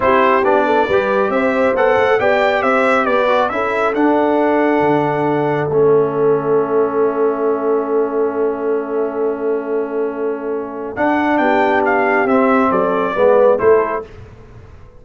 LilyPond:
<<
  \new Staff \with { instrumentName = "trumpet" } { \time 4/4 \tempo 4 = 137 c''4 d''2 e''4 | fis''4 g''4 e''4 d''4 | e''4 fis''2.~ | fis''4 e''2.~ |
e''1~ | e''1~ | e''4 fis''4 g''4 f''4 | e''4 d''2 c''4 | }
  \new Staff \with { instrumentName = "horn" } { \time 4/4 g'4. a'8 b'4 c''4~ | c''4 d''4 c''4 b'4 | a'1~ | a'1~ |
a'1~ | a'1~ | a'2 g'2~ | g'4 a'4 b'4 a'4 | }
  \new Staff \with { instrumentName = "trombone" } { \time 4/4 e'4 d'4 g'2 | a'4 g'2~ g'8 fis'8 | e'4 d'2.~ | d'4 cis'2.~ |
cis'1~ | cis'1~ | cis'4 d'2. | c'2 b4 e'4 | }
  \new Staff \with { instrumentName = "tuba" } { \time 4/4 c'4 b4 g4 c'4 | b8 a8 b4 c'4 b4 | cis'4 d'2 d4~ | d4 a2.~ |
a1~ | a1~ | a4 d'4 b2 | c'4 fis4 gis4 a4 | }
>>